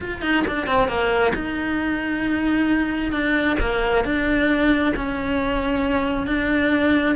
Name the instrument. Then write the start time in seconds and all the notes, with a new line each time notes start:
cello
0.01 F4
0.21 D#4
0.47 D4
0.66 C4
0.88 A#3
1.34 D#4
3.12 D4
3.60 A#3
4.04 D4
4.96 C#4
6.26 D4